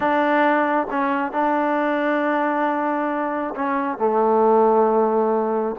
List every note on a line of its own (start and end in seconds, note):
0.00 0.87 D4
0.90 1.32 C#4
1.32 3.54 D4
3.55 3.98 C#4
3.98 5.75 A3